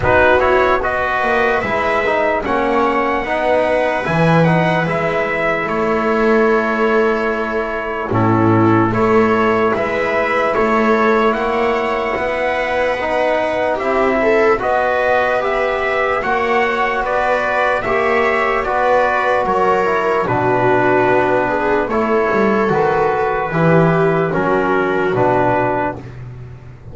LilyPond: <<
  \new Staff \with { instrumentName = "trumpet" } { \time 4/4 \tempo 4 = 74 b'8 cis''8 dis''4 e''4 fis''4~ | fis''4 gis''8 fis''8 e''4 cis''4~ | cis''2 a'4 cis''4 | e''4 cis''4 fis''2~ |
fis''4 e''4 dis''4 e''4 | fis''4 d''4 e''4 d''4 | cis''4 b'2 cis''4 | b'2 ais'4 b'4 | }
  \new Staff \with { instrumentName = "viola" } { \time 4/4 fis'4 b'2 cis''4 | b'2. a'4~ | a'2 e'4 a'4 | b'4 a'4 cis''4 b'4~ |
b'4 g'8 a'8 b'2 | cis''4 b'4 cis''4 b'4 | ais'4 fis'4. gis'8 a'4~ | a'4 g'4 fis'2 | }
  \new Staff \with { instrumentName = "trombone" } { \time 4/4 dis'8 e'8 fis'4 e'8 dis'8 cis'4 | dis'4 e'8 dis'8 e'2~ | e'2 cis'4 e'4~ | e'1 |
dis'4 e'4 fis'4 g'4 | fis'2 g'4 fis'4~ | fis'8 e'8 d'2 e'4 | fis'4 e'4 cis'4 d'4 | }
  \new Staff \with { instrumentName = "double bass" } { \time 4/4 b4. ais8 gis4 ais4 | b4 e4 gis4 a4~ | a2 a,4 a4 | gis4 a4 ais4 b4~ |
b4 c'4 b2 | ais4 b4 ais4 b4 | fis4 b,4 b4 a8 g8 | dis4 e4 fis4 b,4 | }
>>